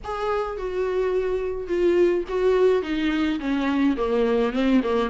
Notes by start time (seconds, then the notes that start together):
0.04 G#4
0.57 F#4
1.67 F4
2.28 F#4
2.82 D#4
3.39 C#4
3.96 A#3
4.53 C4
4.83 A#3